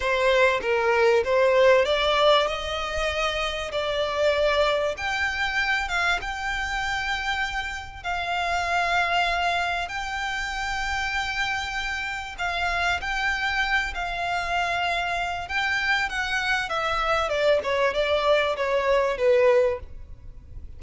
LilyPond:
\new Staff \with { instrumentName = "violin" } { \time 4/4 \tempo 4 = 97 c''4 ais'4 c''4 d''4 | dis''2 d''2 | g''4. f''8 g''2~ | g''4 f''2. |
g''1 | f''4 g''4. f''4.~ | f''4 g''4 fis''4 e''4 | d''8 cis''8 d''4 cis''4 b'4 | }